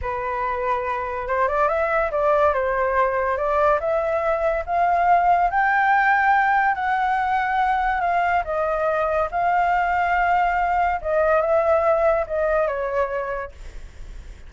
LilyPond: \new Staff \with { instrumentName = "flute" } { \time 4/4 \tempo 4 = 142 b'2. c''8 d''8 | e''4 d''4 c''2 | d''4 e''2 f''4~ | f''4 g''2. |
fis''2. f''4 | dis''2 f''2~ | f''2 dis''4 e''4~ | e''4 dis''4 cis''2 | }